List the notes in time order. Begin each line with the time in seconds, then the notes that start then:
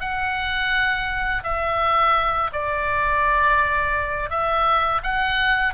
0.00 F#5
1.44 E5
2.52 D5
4.30 E5
5.03 F#5